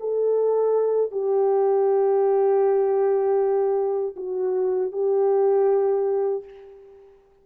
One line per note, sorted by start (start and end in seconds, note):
0.00 1.12 A4
1.12 4.15 G4
4.16 4.92 F#4
4.92 6.44 G4